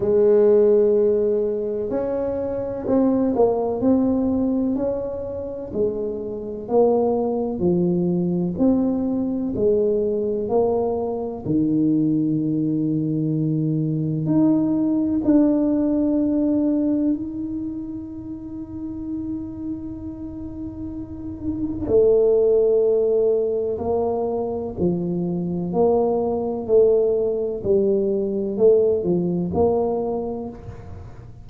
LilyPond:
\new Staff \with { instrumentName = "tuba" } { \time 4/4 \tempo 4 = 63 gis2 cis'4 c'8 ais8 | c'4 cis'4 gis4 ais4 | f4 c'4 gis4 ais4 | dis2. dis'4 |
d'2 dis'2~ | dis'2. a4~ | a4 ais4 f4 ais4 | a4 g4 a8 f8 ais4 | }